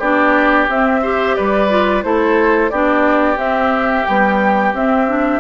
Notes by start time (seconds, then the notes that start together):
0.00 B3 D4 G4 D5
0.69 C4 E5
1.03 G4 C5
1.35 G3 B4 D5
1.70 F4
2.03 A3 E4 A4 C5
2.70 B3 D4 G4 D5
3.37 C4 E5
4.06 G3 B3 G5
4.73 C4 E5
5.08 D4